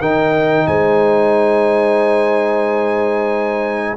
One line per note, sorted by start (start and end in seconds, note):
0.00 0.67 D#3
0.00 3.98 D#4
0.00 0.66 A#4
0.00 0.67 G5
0.67 3.97 G#3
0.67 3.98 C5
0.67 3.97 G#5